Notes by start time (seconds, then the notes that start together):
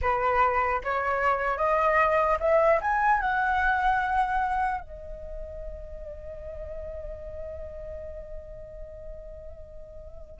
0.01 B4
0.84 C#5
1.57 D#5
2.40 E5
2.81 G#5
3.20 F#5
4.80 D#5